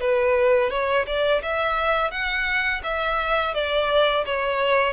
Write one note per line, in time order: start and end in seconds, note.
0.00 0.70 B4
0.70 1.05 C#5
1.07 1.42 D5
1.42 2.10 E5
2.10 2.81 F#5
2.83 3.54 E5
3.54 4.24 D5
4.25 4.93 C#5